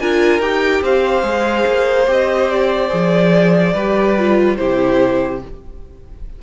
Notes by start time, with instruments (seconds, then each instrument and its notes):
0.00 cello D4, viola F4, violin A#4 G#5
0.40 cello D#4, viola G4, violin G5
0.82 cello C4, violin C5 F5
1.23 cello G#3, viola G#4
1.67 cello A#3
2.07 cello C4, viola G4, violin D#5
2.50 violin D5
2.90 cello F3, viola G#4
3.74 cello G3, viola G4, violin B4
4.19 viola F4
4.57 cello C3, viola E4, violin G4 C5